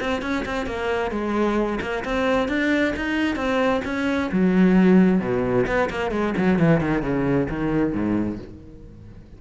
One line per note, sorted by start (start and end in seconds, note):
0.00 0.21 C4
0.21 0.44 C#4
0.45 0.66 C4
0.66 1.11 A#3
1.11 1.79 G#3
1.81 2.04 A#3
2.04 2.48 C4
2.48 2.94 D4
2.96 3.36 D#4
3.36 3.81 C4
3.84 4.30 C#4
4.32 5.20 F#3
5.20 5.65 B2
5.66 5.89 B3
5.90 6.11 A#3
6.11 6.33 G#3
6.37 6.59 F#3
6.59 6.80 E3
6.80 7.02 D#3
7.02 7.47 C#3
7.49 7.93 D#3
7.93 8.38 G#2